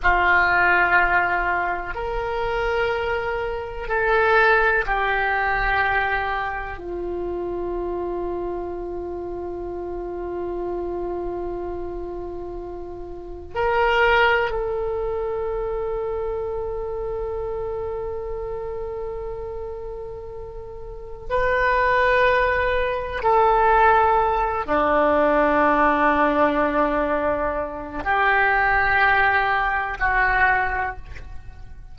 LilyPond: \new Staff \with { instrumentName = "oboe" } { \time 4/4 \tempo 4 = 62 f'2 ais'2 | a'4 g'2 f'4~ | f'1~ | f'2 ais'4 a'4~ |
a'1~ | a'2 b'2 | a'4. d'2~ d'8~ | d'4 g'2 fis'4 | }